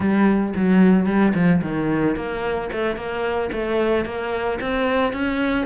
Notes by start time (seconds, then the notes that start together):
0.00 G3
0.55 F#3
1.06 G3
1.34 F3
1.62 D#3
2.16 A#3
2.72 A3
2.96 A#3
3.52 A3
4.05 A#3
4.60 C4
5.12 C#4